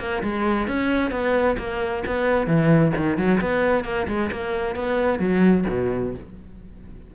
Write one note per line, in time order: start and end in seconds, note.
0.00 0.23 A#3
0.23 0.68 G#3
0.68 1.11 C#4
1.11 1.56 B3
1.58 2.04 A#3
2.07 2.47 B3
2.47 2.93 E3
2.96 3.18 D#3
3.18 3.40 F#3
3.41 3.85 B3
3.85 4.07 A#3
4.08 4.31 G#3
4.32 4.76 A#3
4.76 5.20 B3
5.20 5.65 F#3
5.69 6.14 B2